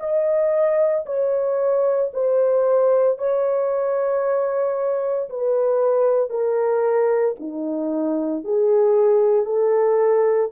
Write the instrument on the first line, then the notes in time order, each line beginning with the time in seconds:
horn
0.00 D#5
1.06 C#5
2.13 C5
3.19 C#5
5.30 B4
6.30 A#4
7.40 D#4
8.44 G#4
9.45 A4